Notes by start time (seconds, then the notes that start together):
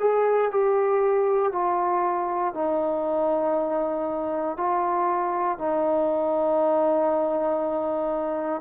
0.00 G#4
0.51 G4
1.52 F4
2.54 D#4
4.57 F4
5.58 D#4